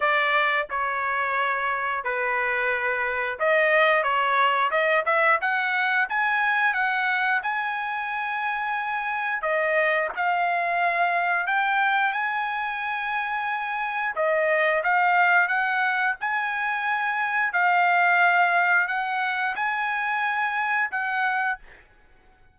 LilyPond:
\new Staff \with { instrumentName = "trumpet" } { \time 4/4 \tempo 4 = 89 d''4 cis''2 b'4~ | b'4 dis''4 cis''4 dis''8 e''8 | fis''4 gis''4 fis''4 gis''4~ | gis''2 dis''4 f''4~ |
f''4 g''4 gis''2~ | gis''4 dis''4 f''4 fis''4 | gis''2 f''2 | fis''4 gis''2 fis''4 | }